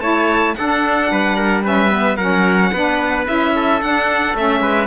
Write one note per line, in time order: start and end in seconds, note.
0.00 0.54 A3
0.00 0.55 E4
0.00 0.56 C#5
0.00 0.55 A5
0.55 1.63 D4
0.55 1.11 D4
0.55 1.11 A4
0.55 1.63 F#5
1.11 2.17 G3
1.11 1.36 B4
1.36 1.63 A#4
1.63 1.90 C#4
1.63 2.16 B4
1.63 2.16 E5
1.90 2.17 B3
2.16 2.71 F#3
2.16 2.74 C#4
2.16 2.70 A#4
2.16 3.24 F#5
2.73 3.27 B3
2.73 3.25 D4
2.73 3.54 B4
3.25 3.82 C#4
3.25 3.79 E4
3.25 3.82 E5
3.56 4.61 A4
3.82 4.34 D4
3.82 4.35 D4
3.82 4.36 F#5
4.34 4.60 A3
4.34 4.87 C#4
4.34 4.87 E5
4.60 4.87 G#3
4.60 4.87 B4